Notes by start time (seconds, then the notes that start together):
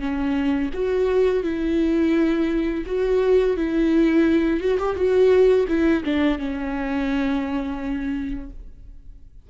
0.00 C#4
0.74 F#4
1.44 E4
2.87 F#4
3.57 E4
4.61 F#4
4.79 G4
4.96 F#4
5.69 E4
6.04 D4
6.39 C#4